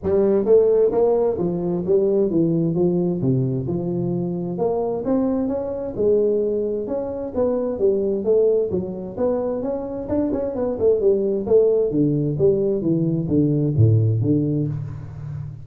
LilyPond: \new Staff \with { instrumentName = "tuba" } { \time 4/4 \tempo 4 = 131 g4 a4 ais4 f4 | g4 e4 f4 c4 | f2 ais4 c'4 | cis'4 gis2 cis'4 |
b4 g4 a4 fis4 | b4 cis'4 d'8 cis'8 b8 a8 | g4 a4 d4 g4 | e4 d4 a,4 d4 | }